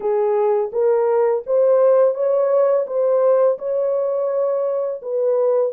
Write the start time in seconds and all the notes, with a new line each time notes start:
0.00 G#4
0.72 A#4
1.46 C5
2.14 C#5
2.86 C5
3.58 C#5
5.02 B4